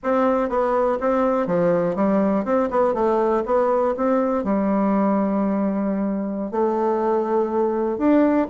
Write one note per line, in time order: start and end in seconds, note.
0.03 0.49 C4
0.49 0.98 B3
1.00 1.46 C4
1.46 1.95 F3
1.95 2.44 G3
2.44 2.69 C4
2.70 2.94 B3
2.94 3.43 A3
3.45 3.95 B3
3.97 4.44 C4
4.44 6.51 G3
6.51 7.98 A3
7.98 8.47 D4